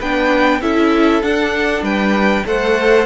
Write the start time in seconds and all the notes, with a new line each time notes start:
0.00 B3 D4 B4 G5
0.61 C#4 E4 A4 E5
1.22 D4 F#5
1.83 G3 B4 G5
2.45 A3 A4 C5 F#5